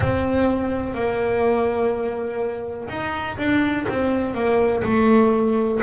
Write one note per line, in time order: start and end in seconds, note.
0.00 0.94 C4
0.94 2.88 A#3
2.88 3.37 D#4
3.37 3.86 D4
3.88 4.34 C4
4.34 4.82 A#3
4.83 5.80 A3